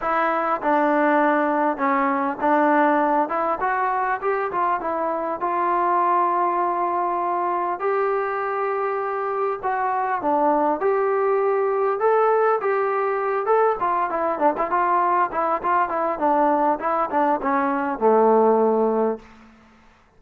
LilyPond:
\new Staff \with { instrumentName = "trombone" } { \time 4/4 \tempo 4 = 100 e'4 d'2 cis'4 | d'4. e'8 fis'4 g'8 f'8 | e'4 f'2.~ | f'4 g'2. |
fis'4 d'4 g'2 | a'4 g'4. a'8 f'8 e'8 | d'16 e'16 f'4 e'8 f'8 e'8 d'4 | e'8 d'8 cis'4 a2 | }